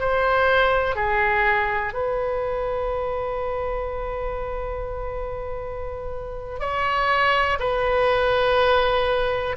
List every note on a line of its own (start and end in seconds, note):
0.00 0.96 C5
0.96 1.94 G#4
1.94 6.60 B4
6.60 7.59 C#5
7.60 9.56 B4